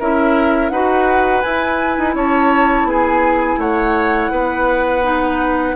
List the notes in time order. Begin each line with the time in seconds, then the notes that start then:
0.00 C#4 E4 A#4 E5
0.70 D#4 F#4 B4 F#5
1.42 E4 G#5
1.98 D#4
2.15 C#4 C#5 A5
2.84 B3 G#4 G#5
3.58 A3 C#5 F#5
4.32 B3 B4
5.04 D#4